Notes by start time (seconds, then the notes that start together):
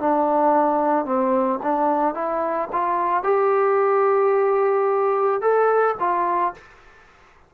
0.00 D4
1.06 C4
1.63 D4
2.15 E4
2.73 F4
3.23 G4
5.41 A4
6.00 F4